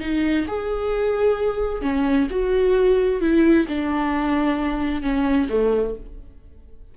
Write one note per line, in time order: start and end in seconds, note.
0.00 0.46 D#4
0.47 1.82 G#4
1.82 2.27 C#4
2.30 3.21 F#4
3.21 3.66 E4
3.68 5.02 D4
5.02 5.48 C#4
5.49 5.95 A3